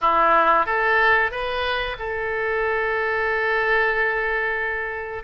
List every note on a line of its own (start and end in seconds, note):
0.01 0.66 E4
0.66 1.31 A4
1.31 1.96 B4
1.98 5.24 A4